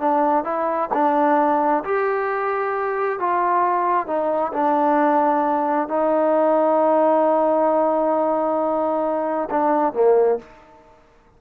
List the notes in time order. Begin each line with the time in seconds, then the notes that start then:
0.00 D4
0.44 E4
0.94 D4
1.84 G4
3.19 F4
4.07 D#4
4.53 D4
5.88 D#4
9.50 D4
9.94 A#3